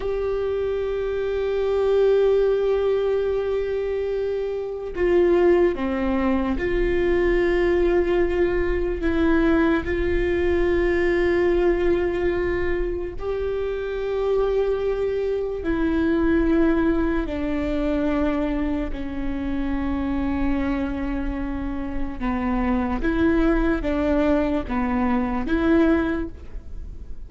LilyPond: \new Staff \with { instrumentName = "viola" } { \time 4/4 \tempo 4 = 73 g'1~ | g'2 f'4 c'4 | f'2. e'4 | f'1 |
g'2. e'4~ | e'4 d'2 cis'4~ | cis'2. b4 | e'4 d'4 b4 e'4 | }